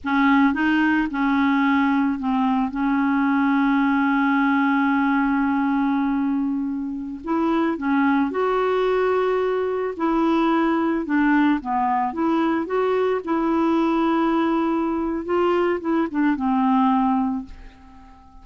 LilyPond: \new Staff \with { instrumentName = "clarinet" } { \time 4/4 \tempo 4 = 110 cis'4 dis'4 cis'2 | c'4 cis'2.~ | cis'1~ | cis'4~ cis'16 e'4 cis'4 fis'8.~ |
fis'2~ fis'16 e'4.~ e'16~ | e'16 d'4 b4 e'4 fis'8.~ | fis'16 e'2.~ e'8. | f'4 e'8 d'8 c'2 | }